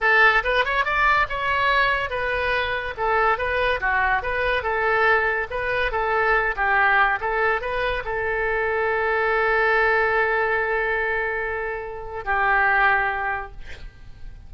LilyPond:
\new Staff \with { instrumentName = "oboe" } { \time 4/4 \tempo 4 = 142 a'4 b'8 cis''8 d''4 cis''4~ | cis''4 b'2 a'4 | b'4 fis'4 b'4 a'4~ | a'4 b'4 a'4. g'8~ |
g'4 a'4 b'4 a'4~ | a'1~ | a'1~ | a'4 g'2. | }